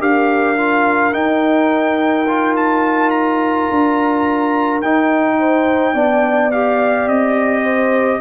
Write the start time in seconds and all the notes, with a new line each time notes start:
0.00 D4 G4 A#4 F5
0.57 F4
1.13 D#4 G5
2.28 F4
2.57 A5
3.11 A#5
3.71 D4
4.81 D#4 G5
5.39 C5
5.94 B3 D4 D5
6.52 G4 F5
7.07 C4 D#5
7.64 C5